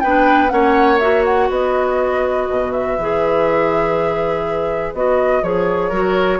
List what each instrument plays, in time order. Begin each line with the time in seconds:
0.00 bassoon B3, clarinet D4, oboe B4, flute G5
0.48 bassoon A#3, clarinet C#4, oboe C#5, flute F#5
0.98 clarinet F#4, flute E5
1.24 flute F#5
1.48 bassoon B3, oboe B4, flute D#5
2.50 bassoon B2
2.72 flute E5
2.98 bassoon E3, clarinet G#4
4.93 bassoon B3, clarinet F#4, flute D#5
5.42 bassoon F3, clarinet G#4, flute C#5
5.89 bassoon F#3, clarinet F#4, oboe A#4